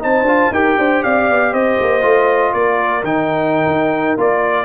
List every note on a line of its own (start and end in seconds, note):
0.00 0.22 C4
0.00 0.25 D#4
0.00 0.53 C5
0.00 0.54 A5
0.22 0.48 D4
0.22 0.53 F4
0.51 0.76 D#4
0.51 2.02 G4
0.51 0.78 A#4
0.51 1.04 G5
0.78 1.04 D4
0.78 1.03 C5
1.03 1.30 C4
1.03 1.52 D5
1.03 1.54 F5
1.30 1.53 B3
1.52 1.78 C4
1.52 2.53 C5
1.52 2.53 D#5
1.80 2.03 A#3
2.02 2.54 A3
2.02 3.02 F4
2.53 3.03 A#3
2.53 4.66 A#4
2.53 3.04 D5
3.03 3.66 D#3
3.03 4.18 D#4
3.03 4.18 G5
3.67 4.17 D#4
4.18 4.66 A#3
4.18 4.66 F4
4.18 4.66 D5